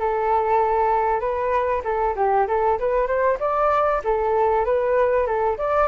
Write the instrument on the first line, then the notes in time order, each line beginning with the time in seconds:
flute
0.00 A4
1.21 B4
1.85 A4
2.16 G4
2.48 A4
2.79 B4
3.07 C5
3.40 D5
4.05 A4
4.65 B4
5.27 A4
5.58 D5